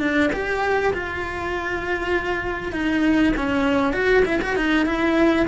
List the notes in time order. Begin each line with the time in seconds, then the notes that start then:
0.00 D4
0.33 G4
0.94 F4
2.73 D#4
3.37 C#4
3.93 F#4
4.25 E4
4.42 F#4
4.56 D#4
4.86 E4